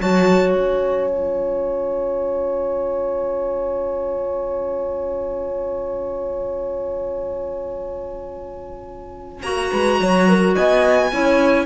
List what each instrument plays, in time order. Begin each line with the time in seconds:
0.00 cello F#3, clarinet F#4, horn C#5, violin A5
0.53 cello C#4, violin G#5
1.11 clarinet F4
9.43 cello A#3, clarinet F#4, violin A#5
9.72 cello G#3, horn B4
10.00 cello F#3, horn C#5
10.29 horn A#4
10.56 cello B3, horn D#5, violin G#5
11.12 cello C#4, clarinet E4, horn C#5